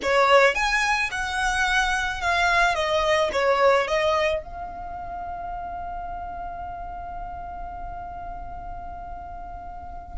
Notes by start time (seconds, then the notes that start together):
0.02 C#5
0.55 G#5
1.11 F#5
2.21 F5
2.74 D#5
3.32 C#5
3.87 D#5
4.42 F5